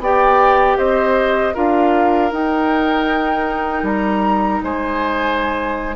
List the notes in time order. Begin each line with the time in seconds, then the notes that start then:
0.00 B3 G4 D5 G5
0.78 C4 C5 D#5
1.54 D4 F4 A#4 F5
2.32 D#4 G5
3.83 G3 A#5
4.63 G#3 C5 G#5